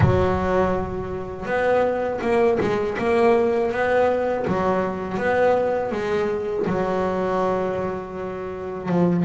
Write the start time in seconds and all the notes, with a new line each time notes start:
0.00 F#3
1.45 B3
2.21 A#3
2.60 G#3
2.98 A#3
3.71 B3
4.46 F#3
5.17 B3
5.91 G#3
6.66 F#3
8.89 F3